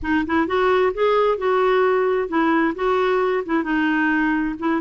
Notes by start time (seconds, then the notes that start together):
0.02 D#4
0.26 E4
0.47 F#4
0.93 G#4
1.37 F#4
2.28 E4
2.75 F#4
3.45 E4
3.63 D#4
4.59 E4